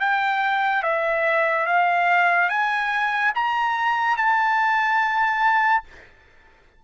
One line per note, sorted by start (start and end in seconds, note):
0.00 0.83 G5
0.83 1.66 E5
1.66 2.49 F5
2.49 3.32 G#5
3.35 4.17 A#5
4.17 5.83 A5